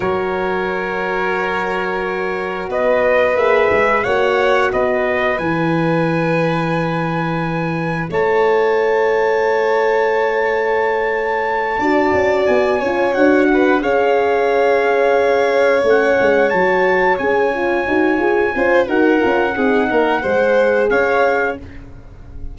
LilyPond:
<<
  \new Staff \with { instrumentName = "trumpet" } { \time 4/4 \tempo 4 = 89 cis''1 | dis''4 e''4 fis''4 dis''4 | gis''1 | a''1~ |
a''2~ a''8 gis''4 fis''8~ | fis''8 f''2. fis''8~ | fis''8 a''4 gis''2~ gis''8 | fis''2. f''4 | }
  \new Staff \with { instrumentName = "violin" } { \time 4/4 ais'1 | b'2 cis''4 b'4~ | b'1 | cis''1~ |
cis''4. d''4. cis''4 | b'8 cis''2.~ cis''8~ | cis''2.~ cis''8 c''8 | ais'4 gis'8 ais'8 c''4 cis''4 | }
  \new Staff \with { instrumentName = "horn" } { \time 4/4 fis'1~ | fis'4 gis'4 fis'2 | e'1~ | e'1~ |
e'4. fis'4. f'8 fis'8~ | fis'8 gis'2. cis'8~ | cis'8 fis'4 gis'8 f'8 fis'8 gis'8 f'8 | fis'8 f'8 dis'4 gis'2 | }
  \new Staff \with { instrumentName = "tuba" } { \time 4/4 fis1 | b4 ais8 gis8 ais4 b4 | e1 | a1~ |
a4. d'8 cis'8 b8 cis'8 d'8~ | d'8 cis'2. a8 | gis8 fis4 cis'4 dis'8 f'8 cis'8 | dis'8 cis'8 c'8 ais8 gis4 cis'4 | }
>>